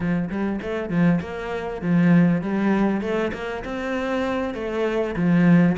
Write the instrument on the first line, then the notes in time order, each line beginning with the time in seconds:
cello
0.00 F3
0.29 G3
0.61 A3
0.89 F3
1.21 A#3
1.81 F3
2.41 G3
3.01 A3
3.33 A#3
3.64 C4
4.54 A3
5.15 F3